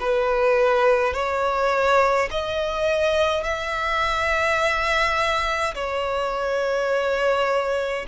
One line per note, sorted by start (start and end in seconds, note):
0.00 1.13 B4
1.13 2.29 C#5
2.31 3.44 D#5
3.44 5.74 E5
5.74 8.05 C#5